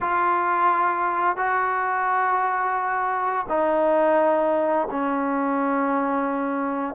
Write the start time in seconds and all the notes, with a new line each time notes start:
0.01 F4
1.36 F#4
3.48 D#4
4.90 C#4